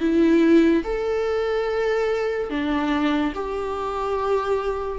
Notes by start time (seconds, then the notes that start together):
0.00 E4
0.84 A4
2.50 D4
3.35 G4